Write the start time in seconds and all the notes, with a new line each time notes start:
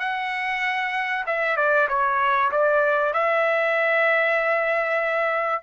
0.00 F#5
1.27 E5
1.57 D5
1.89 C#5
2.52 D5
3.14 E5